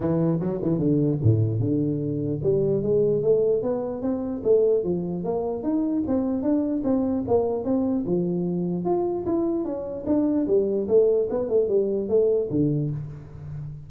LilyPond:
\new Staff \with { instrumentName = "tuba" } { \time 4/4 \tempo 4 = 149 e4 fis8 e8 d4 a,4 | d2 g4 gis4 | a4 b4 c'4 a4 | f4 ais4 dis'4 c'4 |
d'4 c'4 ais4 c'4 | f2 f'4 e'4 | cis'4 d'4 g4 a4 | b8 a8 g4 a4 d4 | }